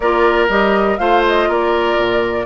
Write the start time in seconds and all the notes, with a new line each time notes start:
0.00 A#3 F4 A#4 D5
0.48 G3 G4 D#5
0.97 A3 F4 C5 F5
1.27 D#5
1.48 A#3 A#4 D5
1.97 A#2